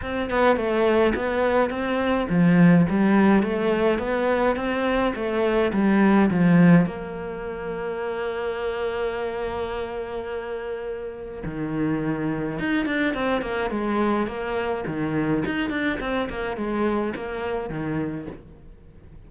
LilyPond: \new Staff \with { instrumentName = "cello" } { \time 4/4 \tempo 4 = 105 c'8 b8 a4 b4 c'4 | f4 g4 a4 b4 | c'4 a4 g4 f4 | ais1~ |
ais1 | dis2 dis'8 d'8 c'8 ais8 | gis4 ais4 dis4 dis'8 d'8 | c'8 ais8 gis4 ais4 dis4 | }